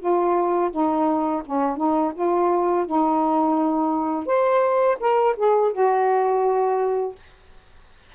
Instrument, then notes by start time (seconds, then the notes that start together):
saxophone
0.00 F4
0.72 D#4
1.46 C#4
1.77 D#4
2.15 F4
2.86 D#4
4.27 C5
5.00 A#4
5.37 G#4
5.73 F#4